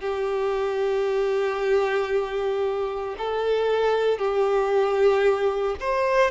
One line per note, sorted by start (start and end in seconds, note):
0.00 3.16 G4
3.18 4.18 A4
4.18 5.76 G4
5.80 6.31 C5